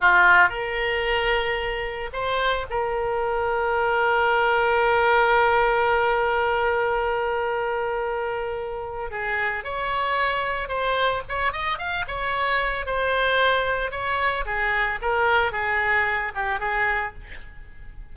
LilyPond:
\new Staff \with { instrumentName = "oboe" } { \time 4/4 \tempo 4 = 112 f'4 ais'2. | c''4 ais'2.~ | ais'1~ | ais'1~ |
ais'4 gis'4 cis''2 | c''4 cis''8 dis''8 f''8 cis''4. | c''2 cis''4 gis'4 | ais'4 gis'4. g'8 gis'4 | }